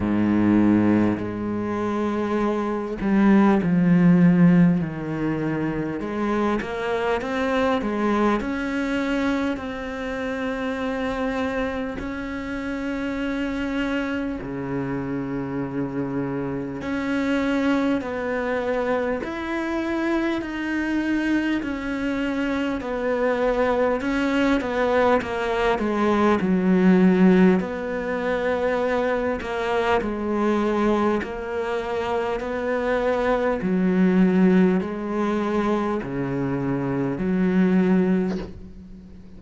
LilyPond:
\new Staff \with { instrumentName = "cello" } { \time 4/4 \tempo 4 = 50 gis,4 gis4. g8 f4 | dis4 gis8 ais8 c'8 gis8 cis'4 | c'2 cis'2 | cis2 cis'4 b4 |
e'4 dis'4 cis'4 b4 | cis'8 b8 ais8 gis8 fis4 b4~ | b8 ais8 gis4 ais4 b4 | fis4 gis4 cis4 fis4 | }